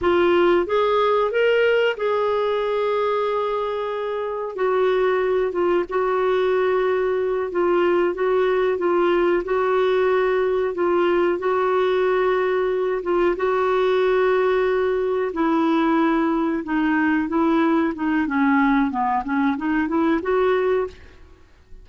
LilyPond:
\new Staff \with { instrumentName = "clarinet" } { \time 4/4 \tempo 4 = 92 f'4 gis'4 ais'4 gis'4~ | gis'2. fis'4~ | fis'8 f'8 fis'2~ fis'8 f'8~ | f'8 fis'4 f'4 fis'4.~ |
fis'8 f'4 fis'2~ fis'8 | f'8 fis'2. e'8~ | e'4. dis'4 e'4 dis'8 | cis'4 b8 cis'8 dis'8 e'8 fis'4 | }